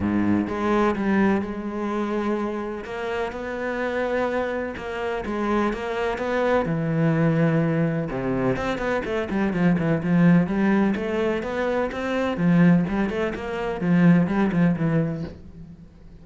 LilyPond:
\new Staff \with { instrumentName = "cello" } { \time 4/4 \tempo 4 = 126 gis,4 gis4 g4 gis4~ | gis2 ais4 b4~ | b2 ais4 gis4 | ais4 b4 e2~ |
e4 c4 c'8 b8 a8 g8 | f8 e8 f4 g4 a4 | b4 c'4 f4 g8 a8 | ais4 f4 g8 f8 e4 | }